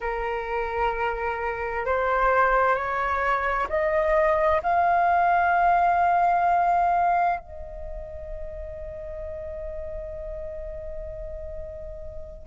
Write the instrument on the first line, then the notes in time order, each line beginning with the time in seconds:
flute
0.00 A#4
1.85 C5
2.74 C#5
3.69 D#5
4.62 F5
7.39 D#5